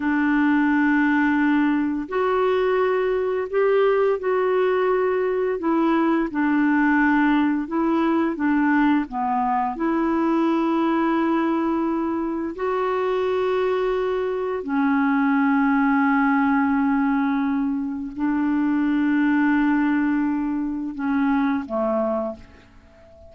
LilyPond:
\new Staff \with { instrumentName = "clarinet" } { \time 4/4 \tempo 4 = 86 d'2. fis'4~ | fis'4 g'4 fis'2 | e'4 d'2 e'4 | d'4 b4 e'2~ |
e'2 fis'2~ | fis'4 cis'2.~ | cis'2 d'2~ | d'2 cis'4 a4 | }